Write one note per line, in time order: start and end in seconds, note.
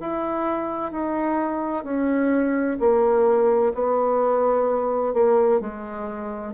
0.00 0.92 E4
0.92 1.84 D#4
1.84 2.77 C#4
2.79 3.73 A#3
3.74 5.13 B3
5.13 5.60 A#3
5.60 6.53 G#3